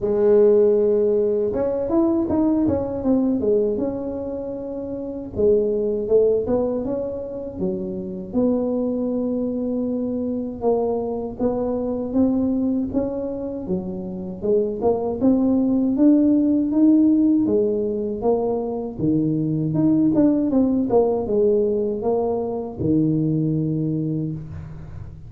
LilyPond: \new Staff \with { instrumentName = "tuba" } { \time 4/4 \tempo 4 = 79 gis2 cis'8 e'8 dis'8 cis'8 | c'8 gis8 cis'2 gis4 | a8 b8 cis'4 fis4 b4~ | b2 ais4 b4 |
c'4 cis'4 fis4 gis8 ais8 | c'4 d'4 dis'4 gis4 | ais4 dis4 dis'8 d'8 c'8 ais8 | gis4 ais4 dis2 | }